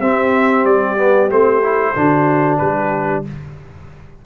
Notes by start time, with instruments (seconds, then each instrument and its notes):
0.00 tuba C4, trombone C4, horn G4, trumpet E5
0.65 tuba G3, trumpet D5
0.97 trombone B3
1.29 tuba A3, trombone C4, trumpet C5
1.63 trombone E4
1.95 tuba D3, trombone D4, horn F#4
2.58 tuba G3, horn G4, trumpet B4